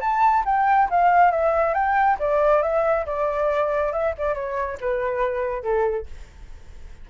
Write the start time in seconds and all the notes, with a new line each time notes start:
0.00 A5
0.45 G5
0.90 F5
1.31 E5
1.74 G5
2.19 D5
2.62 E5
3.06 D5
3.92 E5
4.17 D5
4.34 C#5
4.80 B4
5.62 A4